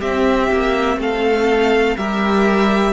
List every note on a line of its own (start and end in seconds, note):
0.00 1.98 C4
0.00 0.51 C4
0.00 0.98 G4
0.00 0.99 E5
0.52 0.98 A#3
0.98 1.96 A3
0.98 1.97 A4
0.98 1.97 F5
1.97 2.93 G3
1.97 2.93 G4
1.97 2.93 A#4
1.97 2.93 E5